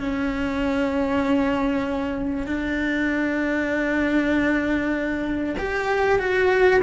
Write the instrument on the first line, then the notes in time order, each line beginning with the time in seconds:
cello
0.00 C#4
2.46 D4
5.58 G4
6.19 F#4